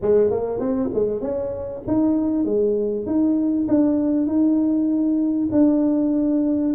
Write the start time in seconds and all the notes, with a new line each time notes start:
0.01 G#3
0.30 A#3
0.59 C4
0.94 G#3
1.21 C#4
1.87 D#4
2.44 G#3
3.06 D#4
3.67 D4
4.26 D#4
5.51 D4